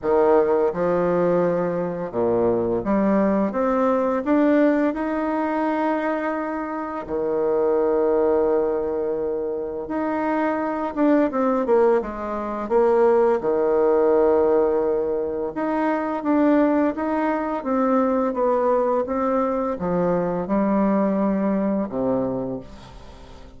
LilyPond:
\new Staff \with { instrumentName = "bassoon" } { \time 4/4 \tempo 4 = 85 dis4 f2 ais,4 | g4 c'4 d'4 dis'4~ | dis'2 dis2~ | dis2 dis'4. d'8 |
c'8 ais8 gis4 ais4 dis4~ | dis2 dis'4 d'4 | dis'4 c'4 b4 c'4 | f4 g2 c4 | }